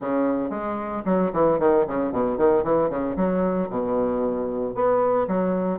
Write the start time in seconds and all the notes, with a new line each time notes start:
0.00 C#3
0.50 G#3
1.05 F#3
1.33 E3
1.59 D#3
1.87 C#3
2.12 B2
2.37 D#3
2.63 E3
2.89 C#3
3.16 F#3
3.69 B2
4.74 B3
5.27 F#3